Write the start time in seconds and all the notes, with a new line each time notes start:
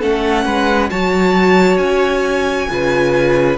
0.00 A3 C#4 A4 F#5
0.45 G#3 B4
0.90 F#3 F#4 C#5 A5
1.78 C#4 G#5
2.69 C#3 F4 B4